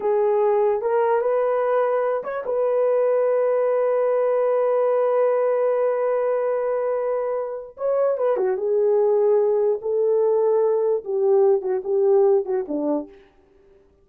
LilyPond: \new Staff \with { instrumentName = "horn" } { \time 4/4 \tempo 4 = 147 gis'2 ais'4 b'4~ | b'4. cis''8 b'2~ | b'1~ | b'1~ |
b'2. cis''4 | b'8 fis'8 gis'2. | a'2. g'4~ | g'8 fis'8 g'4. fis'8 d'4 | }